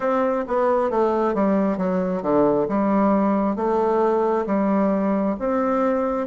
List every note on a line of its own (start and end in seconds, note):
0.00 0.45 C4
0.47 0.90 B3
0.90 1.34 A3
1.34 1.77 G3
1.77 2.22 F#3
2.22 2.67 D3
2.68 3.56 G3
3.56 4.45 A3
4.46 5.36 G3
5.39 6.27 C4